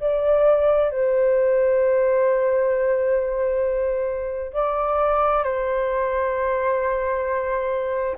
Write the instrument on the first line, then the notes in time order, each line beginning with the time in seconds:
flute
0.00 D5
0.91 C5
4.54 D5
5.44 C5